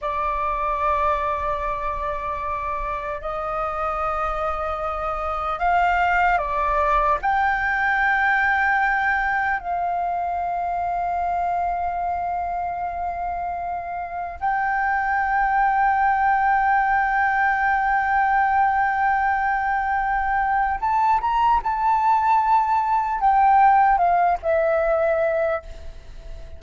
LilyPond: \new Staff \with { instrumentName = "flute" } { \time 4/4 \tempo 4 = 75 d''1 | dis''2. f''4 | d''4 g''2. | f''1~ |
f''2 g''2~ | g''1~ | g''2 a''8 ais''8 a''4~ | a''4 g''4 f''8 e''4. | }